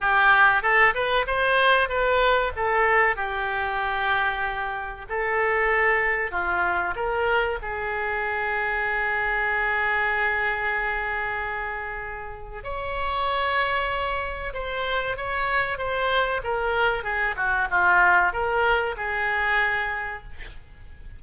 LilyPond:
\new Staff \with { instrumentName = "oboe" } { \time 4/4 \tempo 4 = 95 g'4 a'8 b'8 c''4 b'4 | a'4 g'2. | a'2 f'4 ais'4 | gis'1~ |
gis'1 | cis''2. c''4 | cis''4 c''4 ais'4 gis'8 fis'8 | f'4 ais'4 gis'2 | }